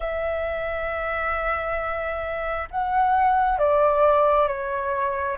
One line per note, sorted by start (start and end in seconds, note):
0.00 2.68 E5
2.70 3.58 F#5
3.58 4.47 D5
4.47 5.37 C#5